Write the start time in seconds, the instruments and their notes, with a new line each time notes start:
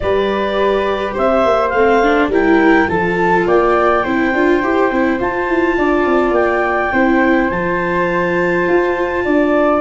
0.00 tuba G3, viola G4, flute B4, clarinet D5
1.13 tuba C4, flute C5, clarinet E5
1.44 tuba A#3
1.69 tuba A3, clarinet F5
1.76 viola C4
2.03 viola D4
2.28 tuba G3, viola E4, flute A#4, clarinet G5
2.88 tuba F3, viola F4, flute A4, clarinet A5
3.47 tuba A#3, flute D5, clarinet G5
4.03 tuba C4, viola E4, flute C5
4.33 tuba D4, viola F4
4.62 tuba E4, viola G4
4.91 tuba C4, viola E4
5.19 viola F4, tuba F4, clarinet A5
5.48 tuba E4
5.77 tuba D4, flute D5
6.05 tuba C4
6.30 tuba A#3, clarinet G5
6.92 tuba C4, viola E4, flute C5
7.49 tuba F3, viola F4, clarinet A5
8.68 tuba F4
9.24 tuba D4, flute D5